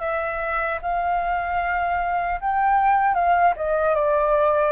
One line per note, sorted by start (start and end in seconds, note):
0.00 0.79 E5
0.82 2.40 F5
2.40 3.14 G5
3.14 3.54 F5
3.56 3.95 D#5
3.95 4.72 D5